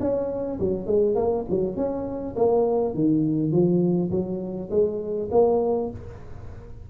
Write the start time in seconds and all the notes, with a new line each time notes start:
0.00 C#4
0.60 F#3
0.87 G#3
1.15 A#3
1.49 F#3
1.76 C#4
2.36 A#3
2.94 D#3
3.52 F3
4.11 F#3
4.70 G#3
5.31 A#3